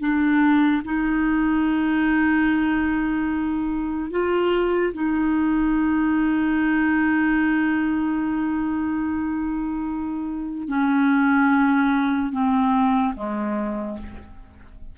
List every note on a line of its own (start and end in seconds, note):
0.00 0.82 D4
0.85 4.11 D#4
4.11 4.93 F4
4.94 10.68 D#4
10.68 12.32 C#4
12.32 13.14 C4
13.16 13.98 G#3